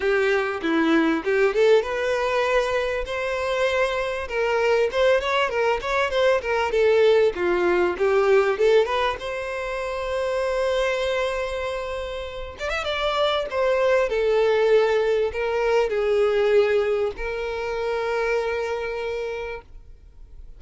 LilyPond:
\new Staff \with { instrumentName = "violin" } { \time 4/4 \tempo 4 = 98 g'4 e'4 g'8 a'8 b'4~ | b'4 c''2 ais'4 | c''8 cis''8 ais'8 cis''8 c''8 ais'8 a'4 | f'4 g'4 a'8 b'8 c''4~ |
c''1~ | c''8 d''16 e''16 d''4 c''4 a'4~ | a'4 ais'4 gis'2 | ais'1 | }